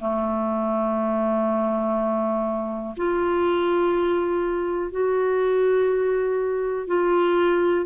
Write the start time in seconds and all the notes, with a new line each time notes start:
0.00 A3
2.97 F4
4.91 F#4
6.88 F4